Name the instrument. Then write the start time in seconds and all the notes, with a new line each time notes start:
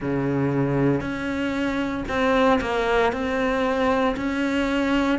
cello
0.00 C#3
1.00 C#4
2.08 C4
2.61 A#3
3.12 C4
4.16 C#4